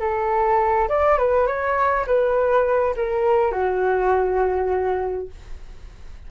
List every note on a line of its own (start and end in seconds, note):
0.00 0.88 A4
0.89 1.18 D5
1.18 1.47 B4
1.47 2.06 C#5
2.07 2.95 B4
2.96 3.52 A#4
3.52 5.28 F#4